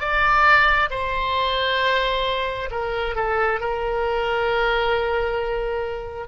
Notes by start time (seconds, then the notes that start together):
0.00 D5
0.90 C5
2.71 A#4
3.15 A4
3.61 A#4